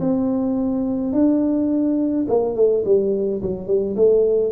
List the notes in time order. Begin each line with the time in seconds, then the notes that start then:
0.00 C4
1.13 D4
2.28 A#3
2.55 A3
2.85 G3
3.42 F#3
3.67 G3
3.96 A3